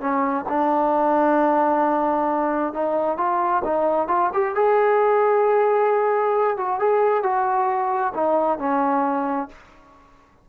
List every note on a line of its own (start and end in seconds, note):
0.00 0.45 C#4
0.48 2.73 D4
2.73 3.17 D#4
3.17 3.63 F4
3.64 4.08 D#4
4.08 4.30 F4
4.33 4.55 G4
4.55 6.57 G#4
6.57 6.79 F#4
6.79 7.23 G#4
7.23 8.13 F#4
8.14 8.58 D#4
8.58 9.49 C#4